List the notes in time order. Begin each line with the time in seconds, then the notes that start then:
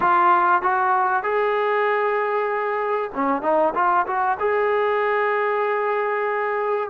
0.00 F4
0.62 F#4
1.23 G#4
3.14 C#4
3.42 D#4
3.74 F4
4.06 F#4
4.39 G#4